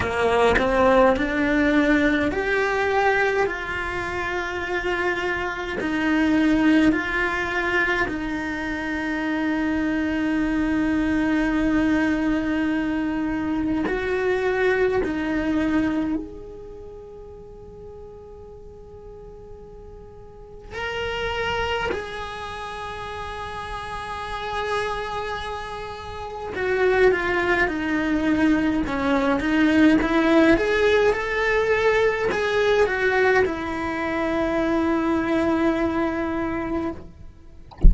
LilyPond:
\new Staff \with { instrumentName = "cello" } { \time 4/4 \tempo 4 = 52 ais8 c'8 d'4 g'4 f'4~ | f'4 dis'4 f'4 dis'4~ | dis'1 | fis'4 dis'4 gis'2~ |
gis'2 ais'4 gis'4~ | gis'2. fis'8 f'8 | dis'4 cis'8 dis'8 e'8 gis'8 a'4 | gis'8 fis'8 e'2. | }